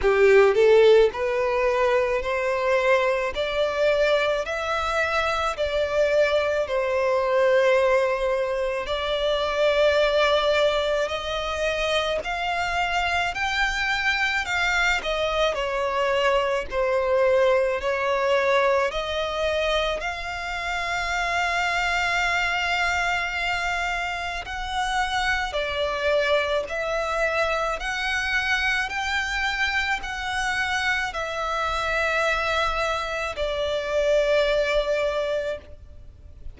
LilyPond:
\new Staff \with { instrumentName = "violin" } { \time 4/4 \tempo 4 = 54 g'8 a'8 b'4 c''4 d''4 | e''4 d''4 c''2 | d''2 dis''4 f''4 | g''4 f''8 dis''8 cis''4 c''4 |
cis''4 dis''4 f''2~ | f''2 fis''4 d''4 | e''4 fis''4 g''4 fis''4 | e''2 d''2 | }